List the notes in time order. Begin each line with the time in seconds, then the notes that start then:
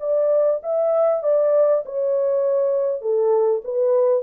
0.00 D5
0.63 E5
1.23 D5
1.85 C#5
3.01 A4
3.64 B4